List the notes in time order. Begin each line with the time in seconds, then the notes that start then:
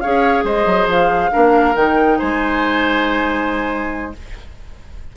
0.00 C#4 G#4 C#5 F5
0.44 G#3 C5 D#5
0.65 F#3
0.86 F3 F5
1.31 A#3 D4 A#4
1.75 D#3 D#4 G5
2.18 G#3 C5 G#5